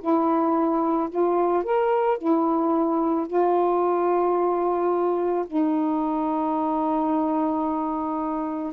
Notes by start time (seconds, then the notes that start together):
0.00 E4
1.10 F4
1.63 A#4
2.18 E4
3.27 F4
5.46 D#4